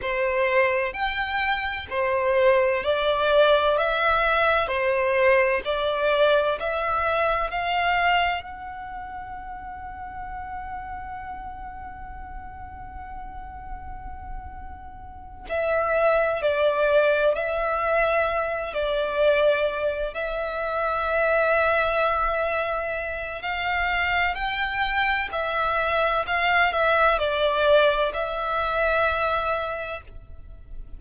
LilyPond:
\new Staff \with { instrumentName = "violin" } { \time 4/4 \tempo 4 = 64 c''4 g''4 c''4 d''4 | e''4 c''4 d''4 e''4 | f''4 fis''2.~ | fis''1~ |
fis''8 e''4 d''4 e''4. | d''4. e''2~ e''8~ | e''4 f''4 g''4 e''4 | f''8 e''8 d''4 e''2 | }